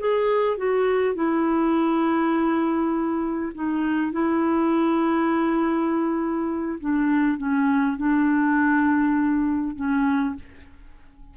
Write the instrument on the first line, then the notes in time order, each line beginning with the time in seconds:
clarinet
0.00 G#4
0.58 F#4
1.15 E4
3.55 D#4
4.12 E4
6.80 D4
7.38 C#4
7.98 D4
9.76 C#4